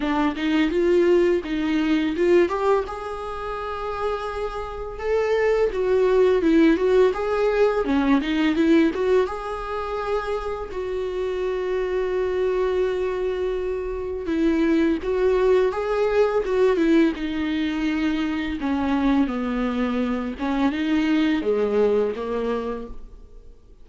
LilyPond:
\new Staff \with { instrumentName = "viola" } { \time 4/4 \tempo 4 = 84 d'8 dis'8 f'4 dis'4 f'8 g'8 | gis'2. a'4 | fis'4 e'8 fis'8 gis'4 cis'8 dis'8 | e'8 fis'8 gis'2 fis'4~ |
fis'1 | e'4 fis'4 gis'4 fis'8 e'8 | dis'2 cis'4 b4~ | b8 cis'8 dis'4 gis4 ais4 | }